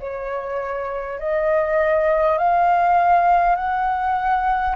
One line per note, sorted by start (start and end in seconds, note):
0.00 1.19 C#5
1.19 2.38 D#5
2.38 3.56 F5
3.56 4.76 F#5